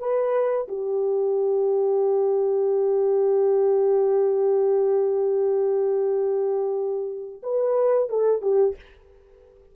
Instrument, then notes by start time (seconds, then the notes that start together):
horn
0.00 B4
0.68 G4
7.43 B4
8.10 A4
8.42 G4